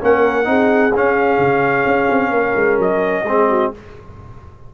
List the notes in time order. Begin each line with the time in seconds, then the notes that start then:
0.00 A#3 C#4 A#4 F#5
0.44 C4 D#4 G#4
0.94 C#4 F5
1.38 C#3
1.85 C#4
2.10 C4
2.30 A#3 A#4
2.55 G#3
2.78 F#3 D#5
3.23 G#3 C4 G#4
3.49 F#4